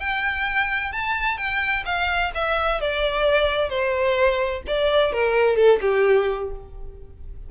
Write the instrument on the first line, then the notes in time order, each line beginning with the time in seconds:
violin
0.00 G5
0.92 A5
1.38 G5
1.86 F5
2.35 E5
2.81 D5
3.70 C5
4.67 D5
5.13 A#4
5.56 A4
5.81 G4